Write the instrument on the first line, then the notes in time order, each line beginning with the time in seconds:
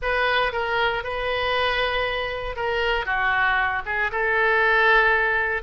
oboe
0.02 B4
0.52 A#4
1.03 B4
2.55 A#4
3.05 F#4
3.85 G#4
4.11 A4